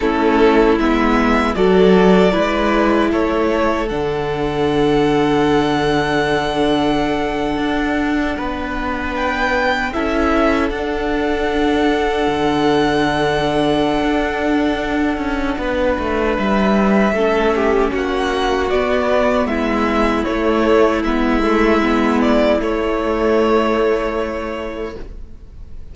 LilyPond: <<
  \new Staff \with { instrumentName = "violin" } { \time 4/4 \tempo 4 = 77 a'4 e''4 d''2 | cis''4 fis''2.~ | fis''2.~ fis''8. g''16~ | g''8. e''4 fis''2~ fis''16~ |
fis''1~ | fis''4 e''2 fis''4 | d''4 e''4 cis''4 e''4~ | e''8 d''8 cis''2. | }
  \new Staff \with { instrumentName = "violin" } { \time 4/4 e'2 a'4 b'4 | a'1~ | a'2~ a'8. b'4~ b'16~ | b'8. a'2.~ a'16~ |
a'1 | b'2 a'8 g'8 fis'4~ | fis'4 e'2.~ | e'1 | }
  \new Staff \with { instrumentName = "viola" } { \time 4/4 cis'4 b4 fis'4 e'4~ | e'4 d'2.~ | d'1~ | d'8. e'4 d'2~ d'16~ |
d'1~ | d'2 cis'2 | b2 a4 b8 a8 | b4 a2. | }
  \new Staff \with { instrumentName = "cello" } { \time 4/4 a4 gis4 fis4 gis4 | a4 d2.~ | d4.~ d16 d'4 b4~ b16~ | b8. cis'4 d'2 d16~ |
d2 d'4. cis'8 | b8 a8 g4 a4 ais4 | b4 gis4 a4 gis4~ | gis4 a2. | }
>>